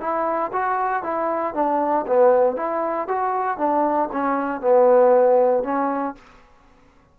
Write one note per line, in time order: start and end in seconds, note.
0.00 0.51 E4
0.52 1.03 F#4
1.03 1.54 E4
1.54 2.05 D4
2.07 2.56 B3
2.56 3.07 E4
3.07 3.58 F#4
3.58 4.09 D4
4.12 4.61 C#4
4.61 5.63 B3
5.63 6.14 C#4